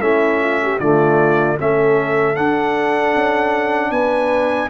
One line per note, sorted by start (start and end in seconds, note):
0.00 0.78 A3
0.00 0.79 C#4
0.00 0.41 E4
0.00 0.79 E5
0.41 0.60 F4
0.63 0.81 G4
0.79 1.57 D3
0.79 1.59 A3
0.79 1.58 F4
0.79 1.57 D5
1.59 2.37 A3
1.59 2.35 C#4
1.59 3.91 A4
1.59 2.36 E5
2.35 4.69 D4
2.35 3.15 D4
2.35 3.91 F#5
3.15 3.90 C#4
3.90 4.68 B3
3.90 4.69 B4
3.90 4.69 G#5